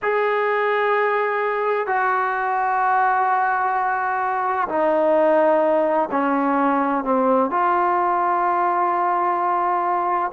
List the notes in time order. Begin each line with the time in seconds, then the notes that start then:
0.02 G#4
1.87 F#4
4.68 D#4
6.11 C#4
7.04 C4
7.50 F4